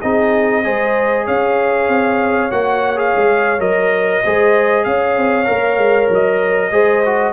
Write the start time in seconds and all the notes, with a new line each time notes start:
0.00 C4 D#4 G#4 D#5
0.64 G#3 G#4 C5
1.25 C#4 C#5 F5
1.88 C4
2.50 A#3 F#4 F#5
2.96 G#4 F5
3.16 G#3
3.59 F#3 A#4 D#5
4.24 G#3 G#4 C5
4.84 C#4 C#5 F5
5.17 C4
5.45 A#3 A#4
5.77 G#3
6.10 F#3 D#5
6.71 G#3 G#4 C5
7.05 F#4